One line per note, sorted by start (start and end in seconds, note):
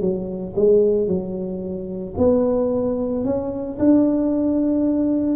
0.00 0.54 F#3
0.55 1.07 G#3
1.07 2.14 F#3
2.17 3.24 B3
3.24 3.77 C#4
3.79 5.36 D4